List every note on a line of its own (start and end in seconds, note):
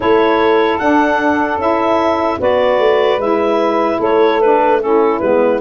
0.00 0.80 A3
0.00 0.80 E4
0.00 2.38 A4
0.00 0.78 C#5
0.78 1.56 D4
0.78 1.60 D4
0.78 1.58 F#5
1.56 2.36 C#4
1.56 2.38 E4
1.56 2.41 E5
2.38 2.79 B3
2.38 3.18 F#4
2.38 3.98 B4
2.38 3.21 D5
2.79 3.17 A3
3.17 3.97 G#3
3.17 4.40 E4
3.17 4.00 E5
3.98 5.20 A3
3.98 4.78 A4
3.98 4.40 C#5
4.40 4.80 D4
4.40 4.80 B4
4.80 5.20 C#4
4.80 5.61 E4
4.80 5.19 A4
5.19 5.61 G#3
5.19 5.61 B3
5.19 5.59 B4